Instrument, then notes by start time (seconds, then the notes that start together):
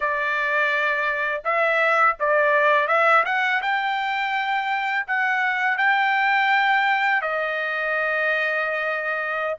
trumpet
0.00 D5
1.44 E5
2.19 D5
2.87 E5
3.25 F#5
3.61 G5
5.07 F#5
5.77 G5
7.21 D#5